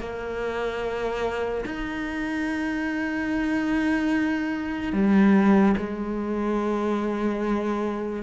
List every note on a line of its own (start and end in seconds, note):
0.00 1.64 A#3
1.66 4.92 D#4
4.92 5.75 G3
5.77 8.23 G#3